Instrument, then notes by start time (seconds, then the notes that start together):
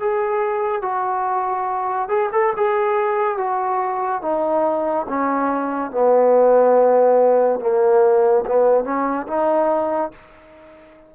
trombone
0.00 G#4
0.82 F#4
2.09 G#4
2.32 A4
2.56 G#4
3.37 F#4
4.22 D#4
5.09 C#4
5.91 B3
7.60 A#3
8.46 B3
8.84 C#4
9.27 D#4